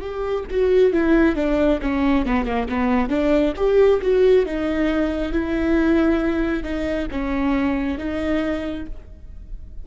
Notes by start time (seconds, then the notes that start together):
0.00 G4
0.50 F#4
0.92 E4
1.36 D4
1.81 C#4
2.25 B3
2.45 A#3
2.68 B3
3.09 D4
3.56 G4
4.01 F#4
4.45 D#4
5.32 E4
6.63 D#4
7.11 C#4
7.97 D#4